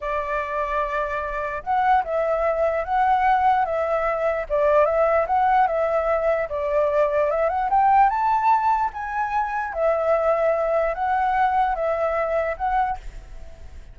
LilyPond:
\new Staff \with { instrumentName = "flute" } { \time 4/4 \tempo 4 = 148 d''1 | fis''4 e''2 fis''4~ | fis''4 e''2 d''4 | e''4 fis''4 e''2 |
d''2 e''8 fis''8 g''4 | a''2 gis''2 | e''2. fis''4~ | fis''4 e''2 fis''4 | }